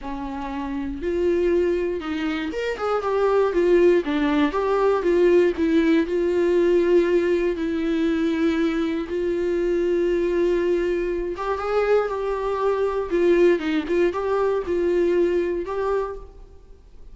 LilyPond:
\new Staff \with { instrumentName = "viola" } { \time 4/4 \tempo 4 = 119 cis'2 f'2 | dis'4 ais'8 gis'8 g'4 f'4 | d'4 g'4 f'4 e'4 | f'2. e'4~ |
e'2 f'2~ | f'2~ f'8 g'8 gis'4 | g'2 f'4 dis'8 f'8 | g'4 f'2 g'4 | }